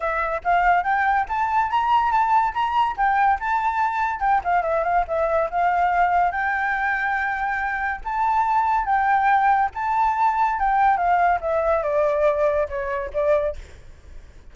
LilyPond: \new Staff \with { instrumentName = "flute" } { \time 4/4 \tempo 4 = 142 e''4 f''4 g''4 a''4 | ais''4 a''4 ais''4 g''4 | a''2 g''8 f''8 e''8 f''8 | e''4 f''2 g''4~ |
g''2. a''4~ | a''4 g''2 a''4~ | a''4 g''4 f''4 e''4 | d''2 cis''4 d''4 | }